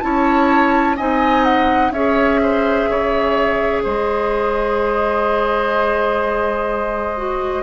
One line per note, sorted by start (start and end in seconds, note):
0.00 0.99 C#4
0.00 0.96 E4
0.00 0.96 C#5
0.00 0.95 A5
0.96 1.90 C4
0.96 1.93 D#4
0.96 1.92 D#5
0.96 1.44 G#5
1.44 1.91 F#5
1.90 2.85 C#4
1.90 7.16 G#4
1.90 2.40 C#5
1.90 3.82 E5
2.42 2.89 C5
2.89 3.84 C#3
2.89 3.83 C#5
3.83 7.63 G#3
3.83 7.63 C5
3.83 7.63 D#5
7.16 7.63 F#4